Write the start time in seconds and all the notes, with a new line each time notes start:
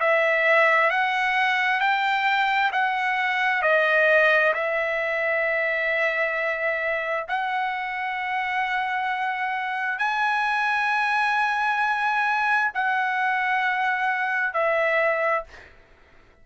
0.00 E5
0.90 F#5
1.80 G5
2.72 F#5
3.62 D#5
4.54 E5
7.28 F#5
9.98 G#5
12.74 F#5
14.53 E5